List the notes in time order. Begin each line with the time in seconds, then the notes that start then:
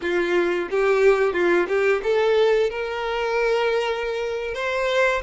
0.01 F4
0.70 G4
1.33 F4
1.67 G4
2.03 A4
2.70 A#4
4.54 C5